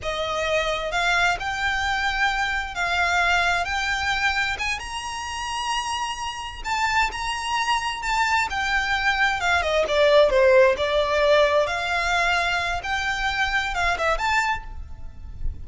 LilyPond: \new Staff \with { instrumentName = "violin" } { \time 4/4 \tempo 4 = 131 dis''2 f''4 g''4~ | g''2 f''2 | g''2 gis''8 ais''4.~ | ais''2~ ais''8 a''4 ais''8~ |
ais''4. a''4 g''4.~ | g''8 f''8 dis''8 d''4 c''4 d''8~ | d''4. f''2~ f''8 | g''2 f''8 e''8 a''4 | }